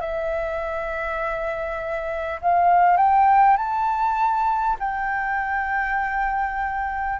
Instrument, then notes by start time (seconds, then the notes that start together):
flute
0.00 E5
2.42 F5
2.97 G5
3.57 A5
4.79 G5